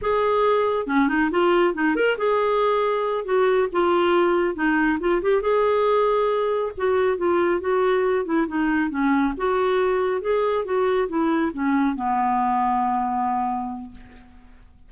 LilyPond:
\new Staff \with { instrumentName = "clarinet" } { \time 4/4 \tempo 4 = 138 gis'2 cis'8 dis'8 f'4 | dis'8 ais'8 gis'2~ gis'8 fis'8~ | fis'8 f'2 dis'4 f'8 | g'8 gis'2. fis'8~ |
fis'8 f'4 fis'4. e'8 dis'8~ | dis'8 cis'4 fis'2 gis'8~ | gis'8 fis'4 e'4 cis'4 b8~ | b1 | }